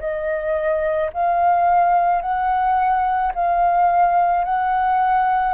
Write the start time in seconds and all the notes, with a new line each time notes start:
0.00 D#5
1.14 F5
2.22 F#5
3.34 F5
4.45 F#5